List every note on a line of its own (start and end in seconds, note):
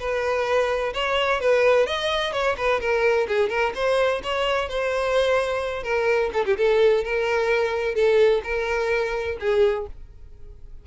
0.00 0.94 B4
0.94 1.41 C#5
1.41 1.87 B4
1.87 2.33 D#5
2.33 2.56 C#5
2.57 2.81 B4
2.81 3.27 A#4
3.29 3.50 G#4
3.50 3.73 A#4
3.75 4.22 C5
4.24 4.69 C#5
4.69 5.84 C5
5.84 6.31 A#4
6.33 6.45 A4
6.46 6.57 G4
6.58 7.04 A4
7.04 7.95 A#4
7.95 8.42 A4
8.44 9.38 A#4
9.40 9.87 G#4